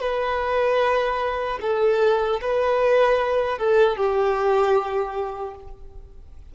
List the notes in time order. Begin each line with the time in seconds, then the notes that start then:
0.00 B4
1.61 A4
2.41 B4
3.58 A4
3.97 G4